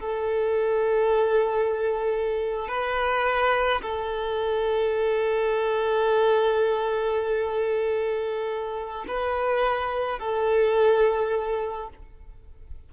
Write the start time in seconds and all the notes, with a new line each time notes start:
0.00 A4
2.68 B4
3.82 A4
9.08 B4
10.19 A4